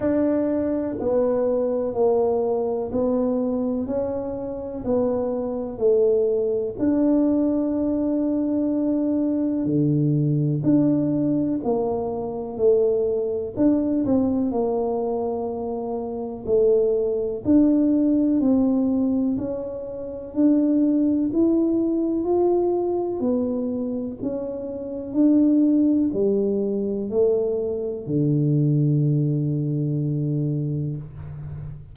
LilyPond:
\new Staff \with { instrumentName = "tuba" } { \time 4/4 \tempo 4 = 62 d'4 b4 ais4 b4 | cis'4 b4 a4 d'4~ | d'2 d4 d'4 | ais4 a4 d'8 c'8 ais4~ |
ais4 a4 d'4 c'4 | cis'4 d'4 e'4 f'4 | b4 cis'4 d'4 g4 | a4 d2. | }